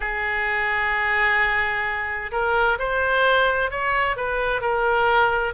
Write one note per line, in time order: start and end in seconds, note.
0.00 2.31 G#4
2.31 2.77 A#4
2.78 3.70 C5
3.70 4.16 C#5
4.16 4.61 B4
4.61 5.53 A#4